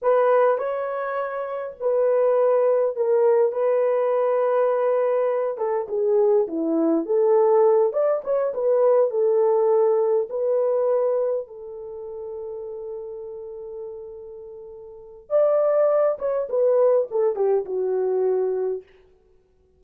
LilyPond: \new Staff \with { instrumentName = "horn" } { \time 4/4 \tempo 4 = 102 b'4 cis''2 b'4~ | b'4 ais'4 b'2~ | b'4. a'8 gis'4 e'4 | a'4. d''8 cis''8 b'4 a'8~ |
a'4. b'2 a'8~ | a'1~ | a'2 d''4. cis''8 | b'4 a'8 g'8 fis'2 | }